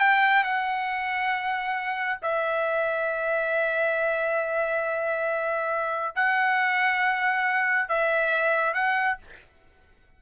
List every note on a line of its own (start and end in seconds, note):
0.00 0.44 G5
0.44 2.19 F#5
2.22 6.16 E5
6.16 7.89 F#5
7.89 8.74 E5
8.74 9.18 F#5